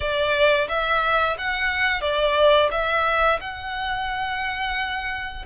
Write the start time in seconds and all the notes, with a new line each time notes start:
0.00 D5
0.68 E5
1.38 F#5
2.01 D5
2.71 E5
3.40 F#5